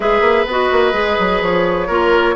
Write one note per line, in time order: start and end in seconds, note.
0.00 0.20 G#3
0.00 0.46 G#4
0.00 1.87 B4
0.00 0.46 E5
0.20 0.44 A#3
0.46 0.69 B3
0.46 0.92 F#4
0.46 1.43 D#5
0.71 0.93 A#3
0.92 1.16 G#3
0.92 1.87 G#4
1.18 1.41 F#3
1.41 1.88 F3
1.41 2.35 C#5
1.87 2.35 A#3
1.87 2.35 F4
1.87 2.34 A#4